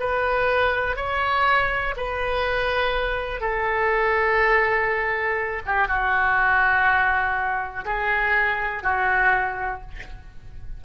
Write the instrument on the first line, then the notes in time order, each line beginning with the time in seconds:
oboe
0.00 B4
0.97 C#5
1.97 B4
3.41 A4
5.66 G4
5.88 F#4
7.85 G#4
8.83 F#4